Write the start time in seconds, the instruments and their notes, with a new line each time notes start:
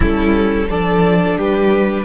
0.00 cello G3, viola C#4, violin E4 A4
0.69 cello F3, viola D4, violin A4 D5
1.37 cello G3, violin G4 B4